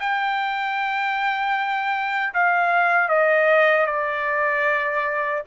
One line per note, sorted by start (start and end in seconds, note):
0.00 2.34 G5
2.34 3.09 F5
3.09 3.87 D#5
3.87 5.43 D5